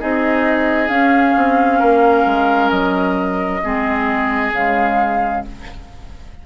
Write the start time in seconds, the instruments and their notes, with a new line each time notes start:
0.00 bassoon C4, clarinet D#4, oboe G#4, flute D#5
0.89 clarinet C#4, bassoon C#4, flute F5
1.37 bassoon C4
1.79 bassoon A#3, oboe A#4
2.26 bassoon G#3
2.70 bassoon F#3, flute D#5
3.63 bassoon G#3, clarinet C4, oboe G#4
4.53 bassoon C#3, clarinet G#3, flute F5